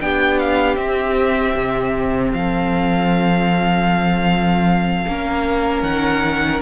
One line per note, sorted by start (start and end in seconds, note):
0.00 0.77 B3
0.00 0.76 D4
0.00 2.36 G4
0.00 0.39 G5
0.39 0.76 F5
0.76 5.05 C4
0.76 1.54 C4
0.76 2.31 E5
1.54 2.32 C3
2.31 5.05 F3
2.31 5.09 A4
2.31 5.82 F5
5.07 5.82 A#3
5.07 6.62 C#4
5.07 6.62 A#4
5.82 6.60 D#3
5.82 6.60 F#5